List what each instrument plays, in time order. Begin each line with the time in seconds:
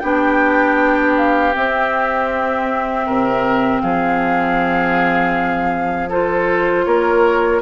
0.00 bassoon B3, clarinet D4, oboe G4, flute G5
1.17 flute F5
1.53 clarinet C4, bassoon C4, flute E5
3.06 bassoon C3, oboe A#4
3.81 bassoon F3, oboe G#4, flute F5
6.09 clarinet F4, oboe A4, flute C5
6.85 bassoon A#3, oboe A#4, flute C#5